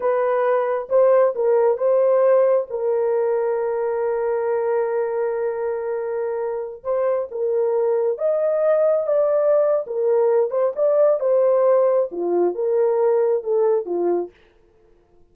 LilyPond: \new Staff \with { instrumentName = "horn" } { \time 4/4 \tempo 4 = 134 b'2 c''4 ais'4 | c''2 ais'2~ | ais'1~ | ais'2.~ ais'16 c''8.~ |
c''16 ais'2 dis''4.~ dis''16~ | dis''16 d''4.~ d''16 ais'4. c''8 | d''4 c''2 f'4 | ais'2 a'4 f'4 | }